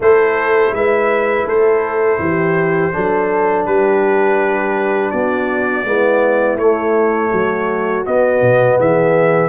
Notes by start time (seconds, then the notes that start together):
0.00 A3 E4 A4 C5
0.71 G#3 B4 E5
1.45 A3 A4 C5
2.19 E3 G4
2.92 F#3 D4 A4
3.65 G3 G4 B4
5.11 B3 F#4 D5
5.84 G#3 B3 E4
6.56 A3 C#5
7.30 F#3 F#4
8.05 B3 D#5
8.41 B2
8.77 E3 G#4 E5